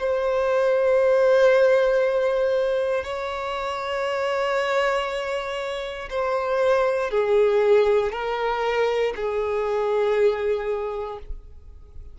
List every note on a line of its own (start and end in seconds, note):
0.00 3.04 C5
3.04 6.09 C#5
6.10 7.11 C5
7.11 8.12 G#4
8.12 9.14 A#4
9.16 11.19 G#4